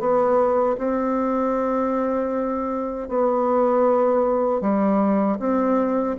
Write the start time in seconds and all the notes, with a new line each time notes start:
0.00 B3
0.78 C4
3.09 B3
4.61 G3
5.40 C4